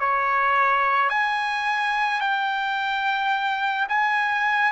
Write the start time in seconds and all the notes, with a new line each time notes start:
0.00 C#5
1.10 G#5
2.21 G5
3.89 G#5